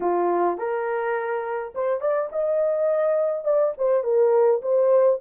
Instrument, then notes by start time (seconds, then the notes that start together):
horn
0.00 F4
0.58 A#4
1.74 C5
2.00 D5
2.32 D#5
3.44 D5
3.77 C5
4.03 A#4
4.62 C5